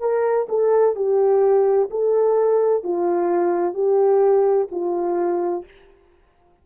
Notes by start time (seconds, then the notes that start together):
0.00 A#4
0.49 A4
0.96 G4
1.91 A4
2.84 F4
3.75 G4
4.71 F4